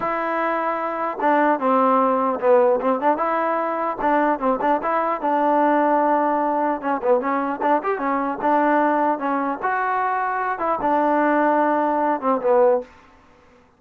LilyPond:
\new Staff \with { instrumentName = "trombone" } { \time 4/4 \tempo 4 = 150 e'2. d'4 | c'2 b4 c'8 d'8 | e'2 d'4 c'8 d'8 | e'4 d'2.~ |
d'4 cis'8 b8 cis'4 d'8 g'8 | cis'4 d'2 cis'4 | fis'2~ fis'8 e'8 d'4~ | d'2~ d'8 c'8 b4 | }